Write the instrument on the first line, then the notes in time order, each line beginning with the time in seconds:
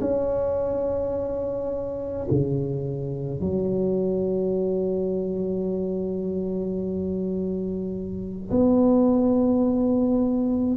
tuba
0.00 C#4
2.30 C#3
3.40 F#3
8.50 B3